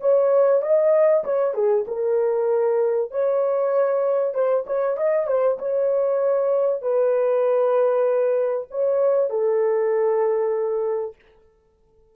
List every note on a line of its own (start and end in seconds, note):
0.00 0.62 C#5
0.62 1.23 D#5
1.24 1.54 C#5
1.54 1.85 G#4
1.87 3.11 A#4
3.11 4.34 C#5
4.34 4.65 C5
4.66 4.97 C#5
4.97 5.27 D#5
5.27 5.58 C5
5.58 6.82 C#5
6.82 8.67 B4
8.70 9.30 C#5
9.30 11.15 A4